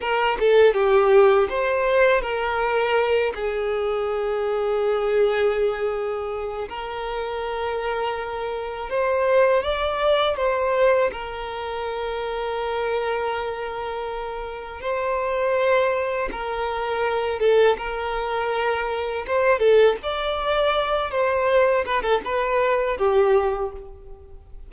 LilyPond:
\new Staff \with { instrumentName = "violin" } { \time 4/4 \tempo 4 = 81 ais'8 a'8 g'4 c''4 ais'4~ | ais'8 gis'2.~ gis'8~ | gis'4 ais'2. | c''4 d''4 c''4 ais'4~ |
ais'1 | c''2 ais'4. a'8 | ais'2 c''8 a'8 d''4~ | d''8 c''4 b'16 a'16 b'4 g'4 | }